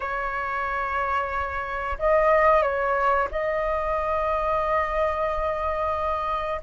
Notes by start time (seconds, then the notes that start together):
0.00 C#5
1.98 D#5
2.62 C#5
3.31 D#5